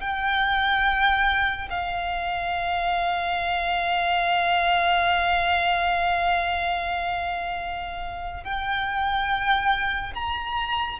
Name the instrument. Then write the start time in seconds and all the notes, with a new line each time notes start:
violin
0.00 G5
1.70 F5
8.44 G5
10.15 A#5